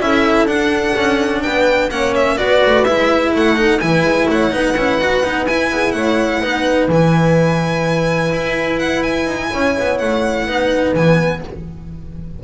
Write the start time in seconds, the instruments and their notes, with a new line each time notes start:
0.00 double bass C#4, cello E4, horn A4, violin E5
0.45 double bass D4, cello D4, violin F#5
0.96 double bass C#4
1.42 double bass B3, horn B4, violin G5
1.90 double bass A#3, cello C#4, horn C#5, violin F#5
2.14 violin E5
2.37 double bass B3, cello F#4, horn B4, violin D5
2.66 double bass A3
2.84 double bass G#3, cello E4, violin E5
3.35 double bass A3, horn A4, violin F#5
3.56 cello D#4
3.80 double bass E3, cello E4, horn B4, violin G#5
4.03 double bass G#3
4.29 double bass A3, horn C#5, violin F#5
4.51 double bass B3, cello D#4, horn B4
4.75 double bass C#4, cello E4
4.99 double bass D#4, cello F#4
5.23 double bass B3, cello D#4
5.46 double bass E4, cello E4, violin G#5
5.71 double bass B3, horn G#4
5.92 double bass A3, horn C#5, violin F#5
6.40 double bass B3, cello D#4, horn B4
6.88 double bass E3, cello E4, violin G#5
8.32 double bass E4
8.79 violin F#5
9.02 violin G#5
9.26 double bass D#4
9.52 double bass C#4, horn C#5
9.79 double bass B3
9.98 double bass A3, violin F#5
10.46 double bass B3, cello D#4, horn B4
10.94 double bass E3, cello B3, violin G#5